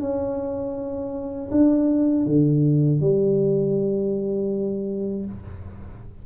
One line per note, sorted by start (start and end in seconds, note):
0.00 1.50 C#4
1.51 2.25 D4
2.25 3.00 D3
3.00 5.25 G3